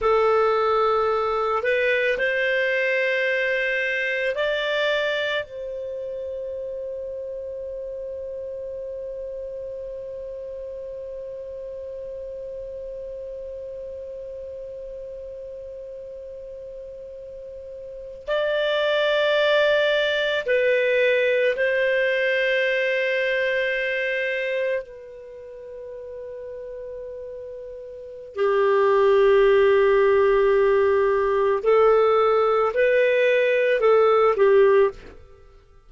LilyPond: \new Staff \with { instrumentName = "clarinet" } { \time 4/4 \tempo 4 = 55 a'4. b'8 c''2 | d''4 c''2.~ | c''1~ | c''1~ |
c''8. d''2 b'4 c''16~ | c''2~ c''8. b'4~ b'16~ | b'2 g'2~ | g'4 a'4 b'4 a'8 g'8 | }